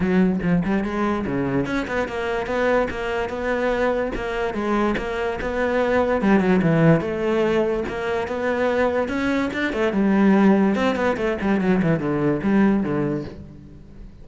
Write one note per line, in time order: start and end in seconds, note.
0.00 0.39 F#3
0.42 0.62 F3
0.65 0.84 G3
0.84 1.25 G#3
1.26 1.66 C#3
1.66 1.86 C#4
1.87 2.07 B3
2.07 2.46 A#3
2.46 2.87 B3
2.90 3.29 A#3
3.29 4.11 B3
4.15 4.53 A#3
4.53 4.95 G#3
4.97 5.39 A#3
5.41 6.21 B3
6.21 6.40 G3
6.40 6.60 F#3
6.62 7.00 E3
7.00 7.83 A3
7.88 8.27 A#3
8.27 9.08 B3
9.08 9.49 C#4
9.53 9.72 D4
9.72 9.93 A3
9.93 10.75 G3
10.75 10.95 C4
10.95 11.16 B3
11.16 11.37 A3
11.41 11.60 G3
11.60 11.81 F#3
11.82 11.99 E3
11.99 12.40 D3
12.42 12.83 G3
12.83 13.24 D3